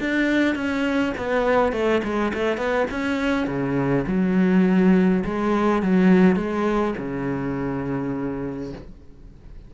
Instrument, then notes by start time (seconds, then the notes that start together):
cello
0.00 D4
0.55 C#4
1.18 B3
1.73 A3
2.03 G#3
2.34 A3
2.57 B3
2.91 C#4
3.47 C#3
4.07 F#3
5.25 G#3
5.83 F#3
6.36 G#3
6.98 C#3